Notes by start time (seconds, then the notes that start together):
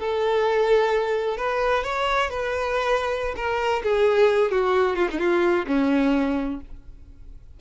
0.00 A4
1.38 B4
1.84 C#5
2.31 B4
3.36 A#4
3.84 G#4
4.52 F#4
4.97 F4
5.11 D#4
5.19 F4
5.68 C#4